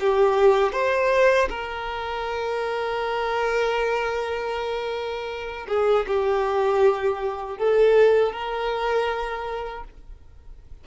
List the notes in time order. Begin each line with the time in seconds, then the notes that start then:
0.00 G4
0.72 C5
1.49 A#4
5.68 G#4
6.07 G4
7.58 A4
8.32 A#4